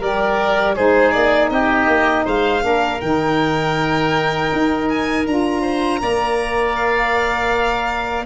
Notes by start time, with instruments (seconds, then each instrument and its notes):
0.00 tuba G3, saxophone G4, oboe A#4, violin D5
0.75 tuba G#3, saxophone D#4, oboe G#4, violin C5
1.11 tuba A#3, violin D5
1.50 tuba C4, oboe G4, violin D#5
1.87 tuba A#3
2.25 tuba G#3, oboe C5, violin F5
2.61 tuba A#3, saxophone D4, oboe A#4
3.01 tuba D#3, saxophone D#4, violin G5
4.52 tuba D#4
4.89 violin G#5
5.26 tuba D4, saxophone F4, violin A#5
5.62 oboe C5
6.00 tuba A#3, saxophone A#4, oboe D5
6.76 violin F5